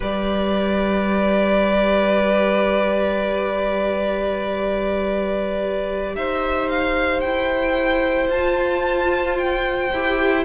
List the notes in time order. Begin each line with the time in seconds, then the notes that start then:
0.00 G3 G4 B4 D5
6.15 D#4 C5 E5
6.69 F5
7.20 E4 G5
8.28 F4 A5
9.37 G5
9.92 E4 G4